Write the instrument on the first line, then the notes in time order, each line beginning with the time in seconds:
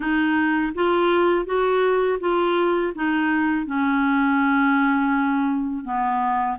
clarinet
0.00 D#4
0.75 F4
1.45 F#4
2.20 F4
2.95 D#4
3.66 C#4
5.84 B3